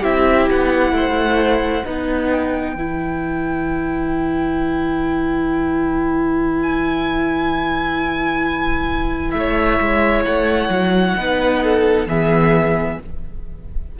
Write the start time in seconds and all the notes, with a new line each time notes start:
0.00 C4 E4 G4 E5
0.50 B3 F#5
0.91 A3 C5
1.83 B3 D#4 B4
2.30 G5
2.75 E3 E4
6.62 G#5
9.31 A3 E5
9.37 C#5
9.80 G#3
10.25 A3 F#5
10.68 F#3
11.16 B3 D#4 B4
11.62 A4
12.06 E3 B3 G#4 E5